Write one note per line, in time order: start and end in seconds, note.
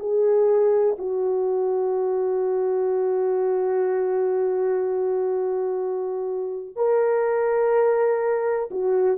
0.00 0.97 G#4
0.99 6.77 F#4
6.77 8.70 A#4
8.71 9.18 F#4